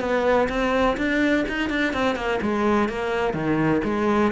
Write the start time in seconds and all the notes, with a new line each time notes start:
0.00 B3
0.49 C4
0.97 D4
1.48 D#4
1.70 D4
1.94 C4
2.16 A#3
2.42 G#3
2.89 A#3
3.34 D#3
3.84 G#3